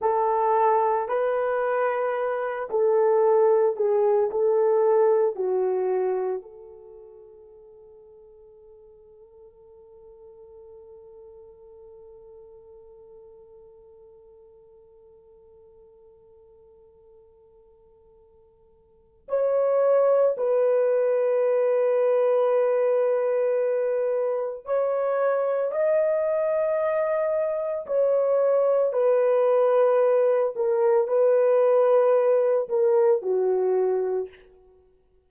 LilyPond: \new Staff \with { instrumentName = "horn" } { \time 4/4 \tempo 4 = 56 a'4 b'4. a'4 gis'8 | a'4 fis'4 a'2~ | a'1~ | a'1~ |
a'2 cis''4 b'4~ | b'2. cis''4 | dis''2 cis''4 b'4~ | b'8 ais'8 b'4. ais'8 fis'4 | }